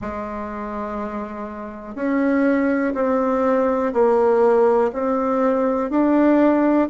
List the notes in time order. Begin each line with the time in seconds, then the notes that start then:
0.00 G#3
1.94 C#4
2.94 C4
3.93 A#3
4.92 C4
5.90 D4